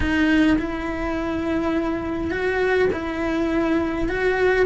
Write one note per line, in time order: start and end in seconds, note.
0.00 0.57 D#4
0.58 2.30 E4
2.30 2.88 F#4
2.93 4.09 E4
4.09 4.66 F#4